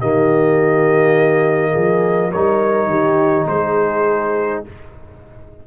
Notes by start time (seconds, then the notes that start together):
0.00 D#3 A#3 G4 D#5
1.72 F3 G#4
2.31 G3 D#4 A#4 C#5
2.87 D#3 G4
3.48 G#3 G#4 C5